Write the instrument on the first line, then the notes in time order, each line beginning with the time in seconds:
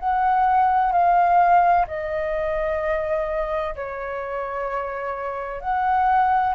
flute
0.00 F#5
0.93 F5
1.88 D#5
3.76 C#5
5.61 F#5